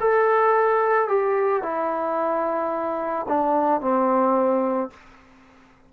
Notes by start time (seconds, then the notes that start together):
0.00 A4
1.08 G4
1.62 E4
3.28 D4
3.81 C4